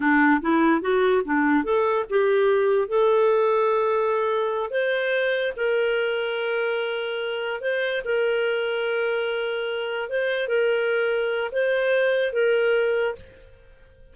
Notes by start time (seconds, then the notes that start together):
0.00 D4
0.41 E4
0.81 F#4
1.24 D4
1.64 A4
2.09 G4
2.88 A4
4.70 C5
5.56 A#4
7.60 C5
8.04 A#4
10.09 C5
10.48 A#4
11.51 C5
12.33 A#4